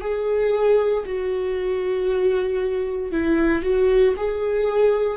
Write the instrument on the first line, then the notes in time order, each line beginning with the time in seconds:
viola
0.00 G#4
1.05 F#4
3.11 E4
3.62 F#4
4.16 G#4